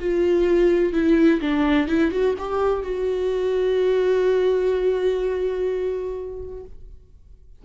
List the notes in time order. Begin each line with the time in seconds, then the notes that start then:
0.00 F4
0.93 E4
1.41 D4
1.88 E4
2.12 F#4
2.39 G4
2.84 F#4